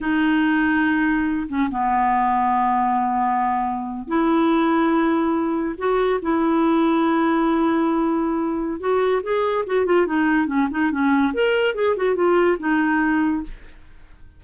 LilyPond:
\new Staff \with { instrumentName = "clarinet" } { \time 4/4 \tempo 4 = 143 dis'2.~ dis'8 cis'8 | b1~ | b4.~ b16 e'2~ e'16~ | e'4.~ e'16 fis'4 e'4~ e'16~ |
e'1~ | e'4 fis'4 gis'4 fis'8 f'8 | dis'4 cis'8 dis'8 cis'4 ais'4 | gis'8 fis'8 f'4 dis'2 | }